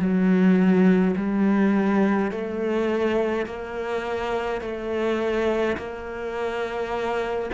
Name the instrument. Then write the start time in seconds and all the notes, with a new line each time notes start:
cello
0.00 F#3
1.17 G3
2.31 A3
3.47 A#3
4.62 A3
5.77 A#3